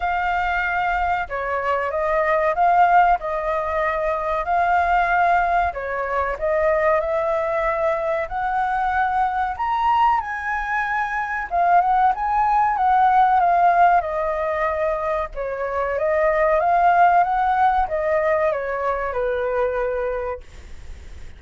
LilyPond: \new Staff \with { instrumentName = "flute" } { \time 4/4 \tempo 4 = 94 f''2 cis''4 dis''4 | f''4 dis''2 f''4~ | f''4 cis''4 dis''4 e''4~ | e''4 fis''2 ais''4 |
gis''2 f''8 fis''8 gis''4 | fis''4 f''4 dis''2 | cis''4 dis''4 f''4 fis''4 | dis''4 cis''4 b'2 | }